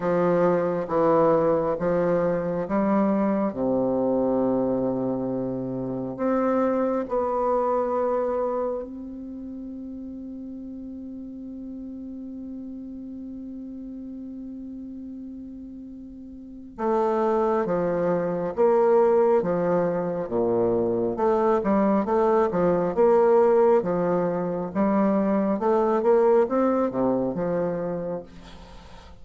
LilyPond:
\new Staff \with { instrumentName = "bassoon" } { \time 4/4 \tempo 4 = 68 f4 e4 f4 g4 | c2. c'4 | b2 c'2~ | c'1~ |
c'2. a4 | f4 ais4 f4 ais,4 | a8 g8 a8 f8 ais4 f4 | g4 a8 ais8 c'8 c8 f4 | }